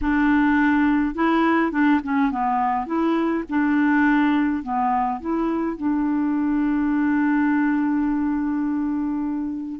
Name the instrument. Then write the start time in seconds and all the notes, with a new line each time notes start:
clarinet
0.01 D4
1.14 E4
1.71 D4
2.03 C#4
2.31 B3
2.86 E4
3.49 D4
4.63 B3
5.20 E4
5.77 D4